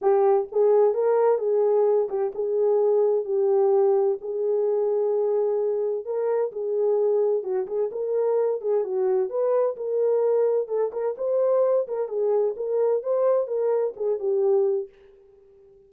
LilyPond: \new Staff \with { instrumentName = "horn" } { \time 4/4 \tempo 4 = 129 g'4 gis'4 ais'4 gis'4~ | gis'8 g'8 gis'2 g'4~ | g'4 gis'2.~ | gis'4 ais'4 gis'2 |
fis'8 gis'8 ais'4. gis'8 fis'4 | b'4 ais'2 a'8 ais'8 | c''4. ais'8 gis'4 ais'4 | c''4 ais'4 gis'8 g'4. | }